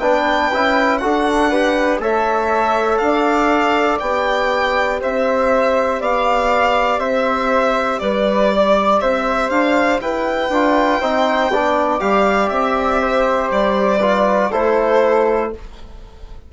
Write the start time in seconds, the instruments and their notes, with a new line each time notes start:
0.00 bassoon B3, trombone D4, flute B4, violin G5
0.53 bassoon C#4, trombone E4
0.98 bassoon D4, trombone F#4, flute A4, violin F#5
1.50 trombone G4, flute B4
2.00 bassoon A3, trombone A4, flute C#5, violin E5
2.98 bassoon D4, violin F5
3.05 flute D5
4.00 bassoon B3, trombone G4, violin G5
5.01 bassoon C4, flute C5, violin E5
6.01 bassoon B3, flute D5, violin F5
6.99 bassoon C4, flute C5, violin E5
7.99 bassoon G3, flute B4, violin D5
8.52 flute D5
9.01 bassoon C4, flute C5, violin E5
9.50 bassoon D4, violin F5
10.01 bassoon E4, flute B4, violin G5
10.50 bassoon D4, trombone F4
11.01 bassoon C4, trombone D#4, flute C5
11.50 bassoon B3, trombone D4, flute D5
12.00 bassoon G3, trombone G4, violin F5
12.49 bassoon C4, violin E5
13.01 flute C5
13.51 bassoon G3, violin D5
13.99 trombone F4, flute B4
14.51 bassoon A3, trombone E4, flute A4, violin C5